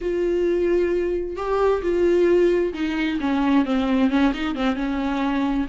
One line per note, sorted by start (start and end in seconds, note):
0.01 1.36 F4
1.36 1.82 G4
1.82 2.73 F4
2.73 3.19 D#4
3.20 3.65 C#4
3.65 4.10 C4
4.10 4.32 C#4
4.33 4.55 D#4
4.55 4.75 C4
4.75 5.66 C#4